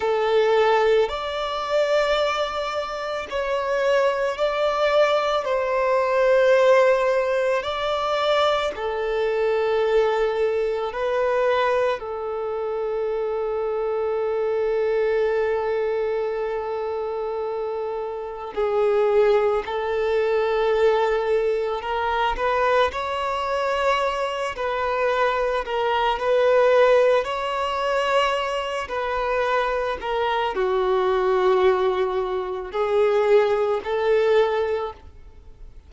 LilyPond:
\new Staff \with { instrumentName = "violin" } { \time 4/4 \tempo 4 = 55 a'4 d''2 cis''4 | d''4 c''2 d''4 | a'2 b'4 a'4~ | a'1~ |
a'4 gis'4 a'2 | ais'8 b'8 cis''4. b'4 ais'8 | b'4 cis''4. b'4 ais'8 | fis'2 gis'4 a'4 | }